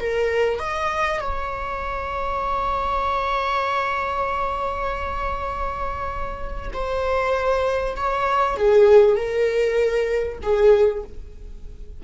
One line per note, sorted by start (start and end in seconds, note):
0.00 0.59 A#4
0.59 1.20 D#5
1.20 6.71 C#5
6.73 7.96 C5
7.96 8.57 C#5
8.57 9.16 G#4
9.16 10.39 A#4
10.42 11.03 G#4